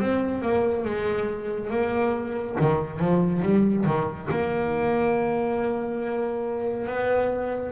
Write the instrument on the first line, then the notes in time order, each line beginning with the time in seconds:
double bass
0.00 C4
0.42 A#3
0.85 G#3
1.70 A#3
2.60 D#3
3.00 F3
3.42 G3
3.86 D#3
4.31 A#3
6.87 B3